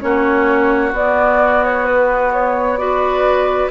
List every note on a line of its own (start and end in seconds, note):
0.00 0.92 A#3
0.00 0.92 C#4
0.00 2.80 F#4
0.00 0.92 C#5
0.92 3.69 B3
0.92 2.78 B3
0.92 1.64 D5
1.64 1.86 C#5
1.86 2.32 B4
2.33 2.77 C#5
2.77 3.70 F#4
2.77 3.71 B4
2.77 3.70 D5